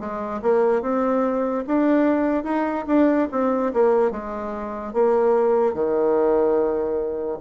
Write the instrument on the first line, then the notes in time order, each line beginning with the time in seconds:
bassoon
0.00 G#3
0.42 A#3
0.82 C4
1.67 D4
2.44 D#4
2.87 D4
3.32 C4
3.74 A#3
4.11 G#3
4.94 A#3
5.74 D#3